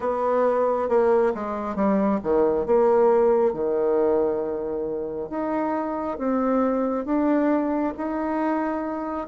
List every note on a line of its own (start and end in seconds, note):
0.00 0.88 B3
0.88 1.32 A#3
1.34 1.75 G#3
1.75 2.19 G3
2.23 2.66 D#3
2.66 3.53 A#3
3.53 5.29 D#3
5.29 6.18 D#4
6.18 7.05 C4
7.05 7.93 D4
7.97 9.27 D#4